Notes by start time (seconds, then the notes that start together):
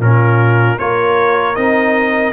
0.00 A#2 C#4 A#4
0.06 F4
0.79 A#3 F4 A#4 C#5
1.55 C4 D#4 D#5